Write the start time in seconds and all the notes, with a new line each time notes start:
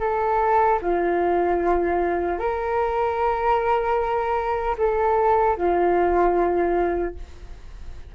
0.00 A4
0.81 F4
2.39 A#4
4.77 A4
5.57 F4